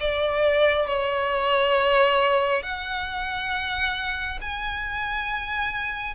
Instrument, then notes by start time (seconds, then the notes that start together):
violin
0.00 D5
0.87 C#5
2.63 F#5
4.41 G#5